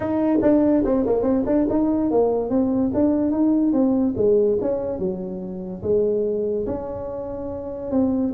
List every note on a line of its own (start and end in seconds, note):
0.00 0.39 D#4
0.42 0.83 D4
0.84 1.05 C4
1.05 1.22 A#3
1.22 1.43 C4
1.46 1.67 D4
1.69 2.10 D#4
2.10 2.49 A#3
2.49 2.91 C4
2.93 3.31 D4
3.31 3.72 D#4
3.72 4.14 C4
4.16 4.58 G#3
4.61 4.98 C#4
4.98 5.82 F#3
5.82 6.65 G#3
6.66 7.91 C#4
7.91 8.32 C4